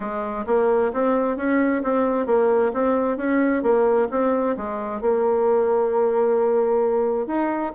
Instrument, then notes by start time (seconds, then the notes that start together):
bassoon
0.00 G#3
0.46 A#3
0.93 C4
1.37 C#4
1.83 C4
2.26 A#3
2.73 C4
3.17 C#4
3.62 A#3
4.11 C4
4.56 G#3
5.01 A#3
7.26 D#4